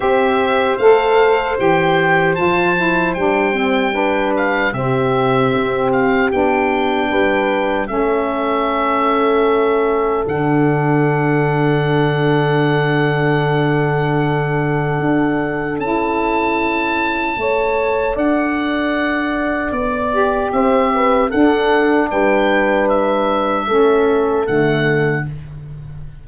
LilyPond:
<<
  \new Staff \with { instrumentName = "oboe" } { \time 4/4 \tempo 4 = 76 e''4 f''4 g''4 a''4 | g''4. f''8 e''4. f''8 | g''2 e''2~ | e''4 fis''2.~ |
fis''1 | a''2. fis''4~ | fis''4 d''4 e''4 fis''4 | g''4 e''2 fis''4 | }
  \new Staff \with { instrumentName = "horn" } { \time 4/4 c''1~ | c''4 b'4 g'2~ | g'4 b'4 a'2~ | a'1~ |
a'1~ | a'2 cis''4 d''4~ | d''2 c''8 b'8 a'4 | b'2 a'2 | }
  \new Staff \with { instrumentName = "saxophone" } { \time 4/4 g'4 a'4 g'4 f'8 e'8 | d'8 c'8 d'4 c'2 | d'2 cis'2~ | cis'4 d'2.~ |
d'1 | e'2 a'2~ | a'4. g'4. d'4~ | d'2 cis'4 a4 | }
  \new Staff \with { instrumentName = "tuba" } { \time 4/4 c'4 a4 e4 f4 | g2 c4 c'4 | b4 g4 a2~ | a4 d2.~ |
d2. d'4 | cis'2 a4 d'4~ | d'4 b4 c'4 d'4 | g2 a4 d4 | }
>>